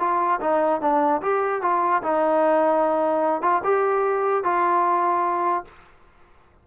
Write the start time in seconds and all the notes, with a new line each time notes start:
0.00 F4
0.41 D#4
0.81 D4
1.22 G4
1.62 F4
2.03 D#4
3.42 F4
3.64 G4
4.44 F4